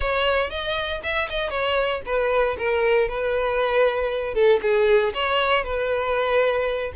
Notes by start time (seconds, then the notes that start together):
0.00 C#5
0.49 D#5
1.03 E5
1.29 D#5
1.50 C#5
2.05 B4
2.58 A#4
3.08 B4
4.34 A4
4.62 G#4
5.14 C#5
5.64 B4